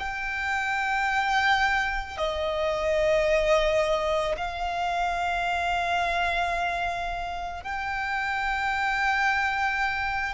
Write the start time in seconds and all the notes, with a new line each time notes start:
0.00 G5
2.18 D#5
4.37 F5
7.64 G5